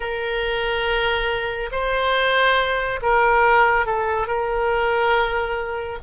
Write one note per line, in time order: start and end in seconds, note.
0.00 1.69 A#4
1.71 3.00 C5
3.02 3.86 A#4
3.86 4.27 A4
4.27 5.98 A#4